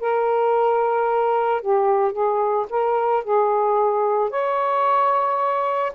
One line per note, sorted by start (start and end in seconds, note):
0.00 1.62 A#4
1.62 2.13 G4
2.13 2.67 G#4
2.70 3.24 A#4
3.24 4.30 G#4
4.30 5.93 C#5